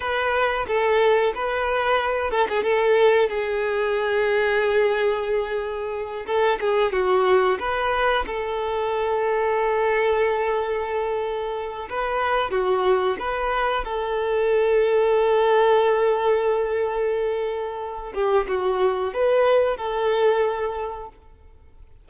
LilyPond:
\new Staff \with { instrumentName = "violin" } { \time 4/4 \tempo 4 = 91 b'4 a'4 b'4. a'16 gis'16 | a'4 gis'2.~ | gis'4. a'8 gis'8 fis'4 b'8~ | b'8 a'2.~ a'8~ |
a'2 b'4 fis'4 | b'4 a'2.~ | a'2.~ a'8 g'8 | fis'4 b'4 a'2 | }